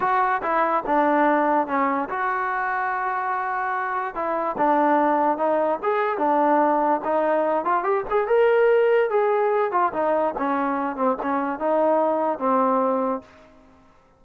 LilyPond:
\new Staff \with { instrumentName = "trombone" } { \time 4/4 \tempo 4 = 145 fis'4 e'4 d'2 | cis'4 fis'2.~ | fis'2 e'4 d'4~ | d'4 dis'4 gis'4 d'4~ |
d'4 dis'4. f'8 g'8 gis'8 | ais'2 gis'4. f'8 | dis'4 cis'4. c'8 cis'4 | dis'2 c'2 | }